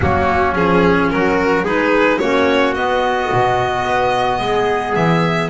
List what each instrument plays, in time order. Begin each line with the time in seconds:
0.01 double bass F#3, clarinet A#3, trumpet C#4, violin F#4
0.54 double bass F3, clarinet C#4, violin G#4
1.09 double bass F#3, trumpet F#4, violin A#4
1.62 double bass G#3, clarinet D#4, trumpet G#4, violin B4
2.18 double bass A#3, clarinet C#4, trumpet F#4, violin C#5
2.74 double bass B3, clarinet B3, violin D#5
3.32 double bass B2
3.85 double bass B3
4.39 double bass G#3, trumpet G#4
4.95 double bass E3, violin E5